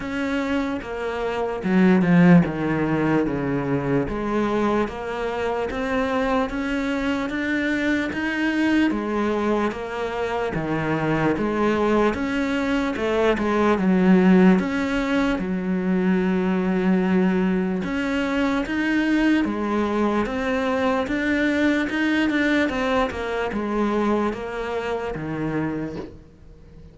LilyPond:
\new Staff \with { instrumentName = "cello" } { \time 4/4 \tempo 4 = 74 cis'4 ais4 fis8 f8 dis4 | cis4 gis4 ais4 c'4 | cis'4 d'4 dis'4 gis4 | ais4 dis4 gis4 cis'4 |
a8 gis8 fis4 cis'4 fis4~ | fis2 cis'4 dis'4 | gis4 c'4 d'4 dis'8 d'8 | c'8 ais8 gis4 ais4 dis4 | }